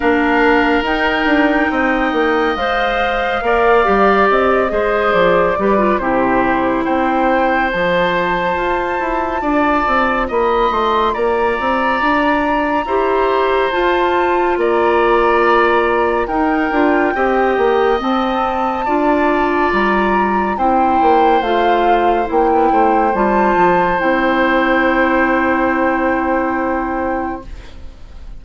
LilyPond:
<<
  \new Staff \with { instrumentName = "flute" } { \time 4/4 \tempo 4 = 70 f''4 g''2 f''4~ | f''4 dis''4 d''4 c''4 | g''4 a''2. | b''8 c'''8 ais''2. |
a''4 ais''2 g''4~ | g''4 a''2 ais''4 | g''4 f''4 g''4 a''4 | g''1 | }
  \new Staff \with { instrumentName = "oboe" } { \time 4/4 ais'2 dis''2 | d''4. c''4 b'8 g'4 | c''2. d''4 | dis''4 d''2 c''4~ |
c''4 d''2 ais'4 | dis''2 d''2 | c''2~ c''16 b16 c''4.~ | c''1 | }
  \new Staff \with { instrumentName = "clarinet" } { \time 4/4 d'4 dis'2 c''4 | ais'8 g'4 gis'4 g'16 f'16 e'4~ | e'4 f'2.~ | f'2. g'4 |
f'2. dis'8 f'8 | g'4 c'4 f'2 | e'4 f'4 e'4 f'4 | e'1 | }
  \new Staff \with { instrumentName = "bassoon" } { \time 4/4 ais4 dis'8 d'8 c'8 ais8 gis4 | ais8 g8 c'8 gis8 f8 g8 c4 | c'4 f4 f'8 e'8 d'8 c'8 | ais8 a8 ais8 c'8 d'4 e'4 |
f'4 ais2 dis'8 d'8 | c'8 ais8 c'4 d'4 g4 | c'8 ais8 a4 ais8 a8 g8 f8 | c'1 | }
>>